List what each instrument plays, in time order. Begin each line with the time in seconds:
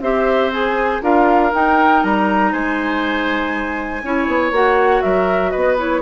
0.00 bassoon C4, clarinet G4, oboe C5, flute E5
0.52 clarinet G#4, flute G#5
1.01 bassoon D4, clarinet F4, oboe A#4, flute F5
1.51 clarinet D#4, bassoon D#4, flute G5
2.03 bassoon G3, flute A#5
2.52 bassoon G#3, oboe C5, flute G#5
4.03 bassoon C#4, clarinet E4, oboe C#5
4.27 bassoon B3
4.51 bassoon A#3, clarinet F#4, flute F#5
5.01 bassoon F#3, oboe A#4, flute E5
5.50 bassoon B3, oboe B4, flute D#5
5.78 clarinet E4, flute C#5